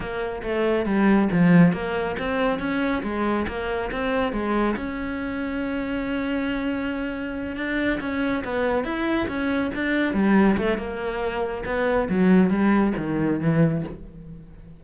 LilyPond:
\new Staff \with { instrumentName = "cello" } { \time 4/4 \tempo 4 = 139 ais4 a4 g4 f4 | ais4 c'4 cis'4 gis4 | ais4 c'4 gis4 cis'4~ | cis'1~ |
cis'4. d'4 cis'4 b8~ | b8 e'4 cis'4 d'4 g8~ | g8 a8 ais2 b4 | fis4 g4 dis4 e4 | }